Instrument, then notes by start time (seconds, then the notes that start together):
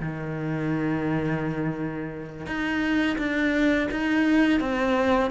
cello
0.00 D#3
2.46 D#4
3.18 D4
3.91 D#4
4.60 C4